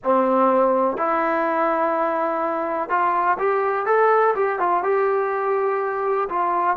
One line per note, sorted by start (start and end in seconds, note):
0.03 0.97 C4
0.97 2.89 E4
2.89 3.37 F4
3.38 3.86 G4
3.86 4.34 A4
4.35 4.59 G4
4.59 4.83 F4
4.83 6.28 G4
6.29 6.76 F4